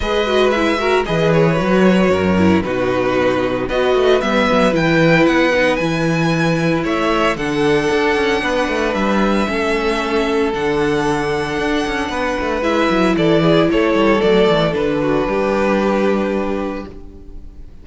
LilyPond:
<<
  \new Staff \with { instrumentName = "violin" } { \time 4/4 \tempo 4 = 114 dis''4 e''4 dis''8 cis''4.~ | cis''4 b'2 dis''4 | e''4 g''4 fis''4 gis''4~ | gis''4 e''4 fis''2~ |
fis''4 e''2. | fis''1 | e''4 d''4 cis''4 d''4 | b'1 | }
  \new Staff \with { instrumentName = "violin" } { \time 4/4 b'4. ais'8 b'2 | ais'4 fis'2 b'4~ | b'1~ | b'4 cis''4 a'2 |
b'2 a'2~ | a'2. b'4~ | b'4 a'8 gis'8 a'2~ | a'8 fis'8 g'2. | }
  \new Staff \with { instrumentName = "viola" } { \time 4/4 gis'8 fis'8 e'8 fis'8 gis'4 fis'4~ | fis'8 e'8 dis'2 fis'4 | b4 e'4. dis'8 e'4~ | e'2 d'2~ |
d'2 cis'2 | d'1 | e'2. a4 | d'1 | }
  \new Staff \with { instrumentName = "cello" } { \time 4/4 gis2 e4 fis4 | fis,4 b,2 b8 a8 | g8 fis8 e4 b4 e4~ | e4 a4 d4 d'8 cis'8 |
b8 a8 g4 a2 | d2 d'8 cis'8 b8 a8 | gis8 fis8 e4 a8 g8 fis8 e8 | d4 g2. | }
>>